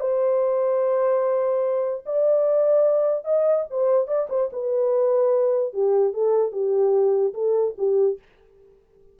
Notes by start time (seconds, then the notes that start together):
0.00 C5
2.06 D5
3.24 D#5
3.70 C5
4.07 D5
4.29 C5
4.53 B4
5.73 G4
6.13 A4
6.52 G4
7.34 A4
7.78 G4